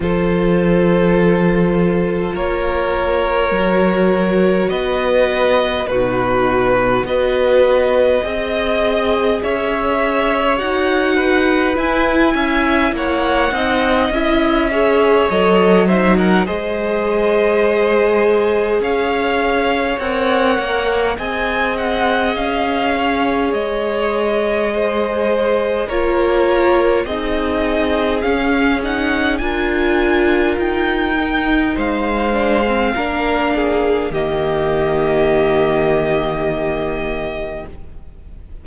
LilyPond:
<<
  \new Staff \with { instrumentName = "violin" } { \time 4/4 \tempo 4 = 51 c''2 cis''2 | dis''4 b'4 dis''2 | e''4 fis''4 gis''4 fis''4 | e''4 dis''8 e''16 fis''16 dis''2 |
f''4 fis''4 gis''8 fis''8 f''4 | dis''2 cis''4 dis''4 | f''8 fis''8 gis''4 g''4 f''4~ | f''4 dis''2. | }
  \new Staff \with { instrumentName = "violin" } { \time 4/4 a'2 ais'2 | b'4 fis'4 b'4 dis''4 | cis''4. b'4 e''8 cis''8 dis''8~ | dis''8 cis''4 c''16 ais'16 c''2 |
cis''2 dis''4. cis''8~ | cis''4 c''4 ais'4 gis'4~ | gis'4 ais'2 c''4 | ais'8 gis'8 g'2. | }
  \new Staff \with { instrumentName = "viola" } { \time 4/4 f'2. fis'4~ | fis'4 dis'4 fis'4 gis'4~ | gis'4 fis'4 e'4. dis'8 | e'8 gis'8 a'8 dis'8 gis'2~ |
gis'4 ais'4 gis'2~ | gis'2 f'4 dis'4 | cis'8 dis'8 f'4. dis'4 d'16 c'16 | d'4 ais2. | }
  \new Staff \with { instrumentName = "cello" } { \time 4/4 f2 ais4 fis4 | b4 b,4 b4 c'4 | cis'4 dis'4 e'8 cis'8 ais8 c'8 | cis'4 fis4 gis2 |
cis'4 c'8 ais8 c'4 cis'4 | gis2 ais4 c'4 | cis'4 d'4 dis'4 gis4 | ais4 dis2. | }
>>